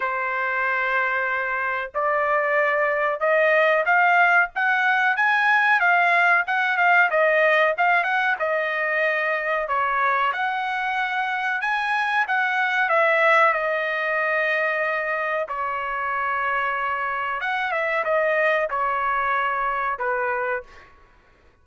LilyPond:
\new Staff \with { instrumentName = "trumpet" } { \time 4/4 \tempo 4 = 93 c''2. d''4~ | d''4 dis''4 f''4 fis''4 | gis''4 f''4 fis''8 f''8 dis''4 | f''8 fis''8 dis''2 cis''4 |
fis''2 gis''4 fis''4 | e''4 dis''2. | cis''2. fis''8 e''8 | dis''4 cis''2 b'4 | }